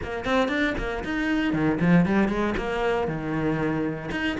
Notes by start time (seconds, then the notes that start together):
0.03 A#3
0.24 C4
0.48 D4
0.77 A#3
1.04 D#4
1.53 D#3
1.80 F3
2.05 G3
2.28 G#3
2.57 A#3
3.07 D#3
4.11 D#4